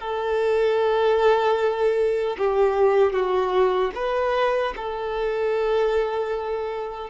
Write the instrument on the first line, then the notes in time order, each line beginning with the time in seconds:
violin
0.00 A4
2.38 G4
3.13 F#4
3.95 B4
4.76 A4